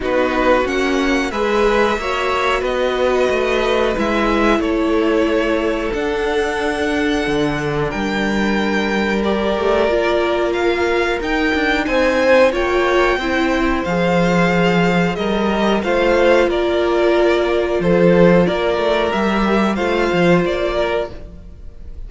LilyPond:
<<
  \new Staff \with { instrumentName = "violin" } { \time 4/4 \tempo 4 = 91 b'4 fis''4 e''2 | dis''2 e''4 cis''4~ | cis''4 fis''2. | g''2 d''2 |
f''4 g''4 gis''4 g''4~ | g''4 f''2 dis''4 | f''4 d''2 c''4 | d''4 e''4 f''4 d''4 | }
  \new Staff \with { instrumentName = "violin" } { \time 4/4 fis'2 b'4 cis''4 | b'2. a'4~ | a'1 | ais'1~ |
ais'2 c''4 cis''4 | c''2. ais'4 | c''4 ais'2 a'4 | ais'2 c''4. ais'8 | }
  \new Staff \with { instrumentName = "viola" } { \time 4/4 dis'4 cis'4 gis'4 fis'4~ | fis'2 e'2~ | e'4 d'2.~ | d'2 g'4 f'4~ |
f'4 dis'2 f'4 | e'4 gis'2~ gis'8 g'8 | f'1~ | f'4 g'4 f'2 | }
  \new Staff \with { instrumentName = "cello" } { \time 4/4 b4 ais4 gis4 ais4 | b4 a4 gis4 a4~ | a4 d'2 d4 | g2~ g8 a8 ais4~ |
ais4 dis'8 d'8 c'4 ais4 | c'4 f2 g4 | a4 ais2 f4 | ais8 a8 g4 a8 f8 ais4 | }
>>